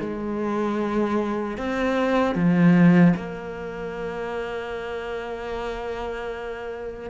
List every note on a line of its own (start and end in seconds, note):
0.00 1.58 G#3
1.58 2.35 C4
2.35 3.14 F3
3.17 7.11 A#3